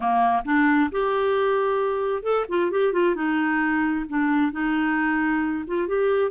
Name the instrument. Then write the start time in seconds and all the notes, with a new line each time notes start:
clarinet
0.00 A#3
0.44 D4
0.91 G4
2.22 A4
2.48 F4
2.71 G4
2.93 F4
3.15 D#4
4.08 D4
4.52 D#4
5.67 F4
5.87 G4